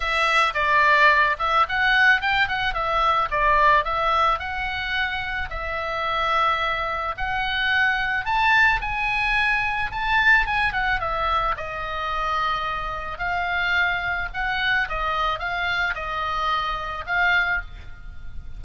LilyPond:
\new Staff \with { instrumentName = "oboe" } { \time 4/4 \tempo 4 = 109 e''4 d''4. e''8 fis''4 | g''8 fis''8 e''4 d''4 e''4 | fis''2 e''2~ | e''4 fis''2 a''4 |
gis''2 a''4 gis''8 fis''8 | e''4 dis''2. | f''2 fis''4 dis''4 | f''4 dis''2 f''4 | }